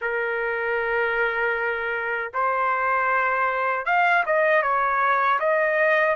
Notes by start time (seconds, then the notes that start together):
0.01 A#4
2.33 C5
3.85 F5
4.26 D#5
4.62 C#5
5.39 D#5